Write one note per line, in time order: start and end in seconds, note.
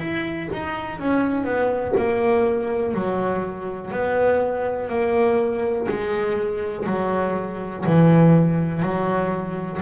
0.00 0.49 E4
0.53 0.99 D#4
0.99 1.44 C#4
1.44 1.94 B3
1.97 2.94 A#3
2.94 3.92 F#3
3.92 4.89 B3
4.89 5.87 A#3
5.89 6.87 G#3
6.87 7.85 F#3
7.86 8.83 E3
8.83 9.81 F#3